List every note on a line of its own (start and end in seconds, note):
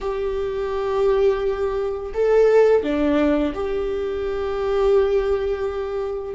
0.01 2.12 G4
2.14 2.83 A4
2.83 3.53 D4
3.54 6.34 G4